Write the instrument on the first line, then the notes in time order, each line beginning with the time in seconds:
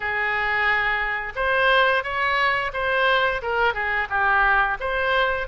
oboe
0.00 G#4
1.35 C5
2.03 C#5
2.73 C5
3.42 A#4
3.73 G#4
4.09 G4
4.79 C5